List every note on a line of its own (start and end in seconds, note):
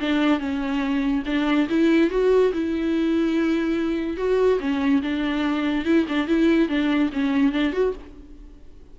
0.00 0.39 D4
0.39 1.23 C#4
1.26 1.68 D4
1.69 2.10 E4
2.10 2.52 F#4
2.53 4.17 E4
4.17 4.59 F#4
4.60 5.02 C#4
5.02 5.85 D4
5.85 6.06 E4
6.08 6.27 D4
6.27 6.69 E4
6.69 7.11 D4
7.12 7.52 C#4
7.52 7.73 D4
7.73 7.94 F#4